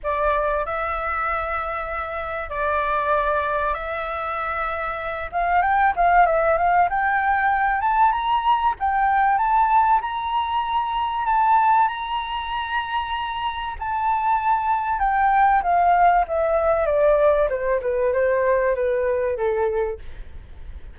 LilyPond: \new Staff \with { instrumentName = "flute" } { \time 4/4 \tempo 4 = 96 d''4 e''2. | d''2 e''2~ | e''8 f''8 g''8 f''8 e''8 f''8 g''4~ | g''8 a''8 ais''4 g''4 a''4 |
ais''2 a''4 ais''4~ | ais''2 a''2 | g''4 f''4 e''4 d''4 | c''8 b'8 c''4 b'4 a'4 | }